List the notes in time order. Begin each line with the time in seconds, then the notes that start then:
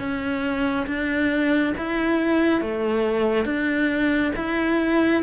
0.00 C#4
0.87 D4
1.78 E4
2.62 A3
3.46 D4
4.36 E4